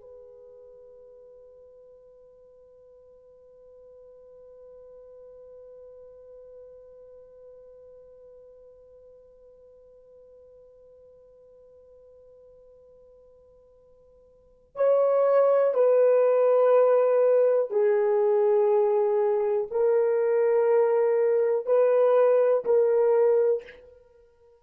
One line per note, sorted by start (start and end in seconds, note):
0.00 14.75 B4
14.75 15.73 C#5
15.73 17.70 B4
17.70 19.67 G#4
19.70 21.66 A#4
21.66 22.64 B4
22.65 23.63 A#4